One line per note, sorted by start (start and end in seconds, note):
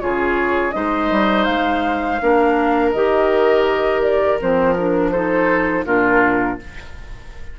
0.00 0.74 C#3
0.00 0.72 F4
0.00 0.75 G#4
0.00 0.71 C#5
0.71 1.11 G#3
0.71 2.19 D#4
0.71 2.21 C5
0.71 1.44 D#5
1.11 1.47 G3
1.44 2.21 G#3
1.44 2.91 F5
2.21 2.94 A#3
2.21 2.95 D4
2.21 5.12 A#4
2.91 4.41 D#3
2.91 4.40 G4
2.91 4.01 D#5
4.02 4.38 D5
4.40 5.85 F3
4.40 4.77 C4
4.40 4.73 C5
4.73 5.14 D4
4.73 5.10 A#4
5.11 5.86 D#4
5.11 5.85 A4
5.11 5.84 C5
5.85 6.58 A#2
5.85 6.59 D4
5.85 6.59 F4
5.85 6.59 A#4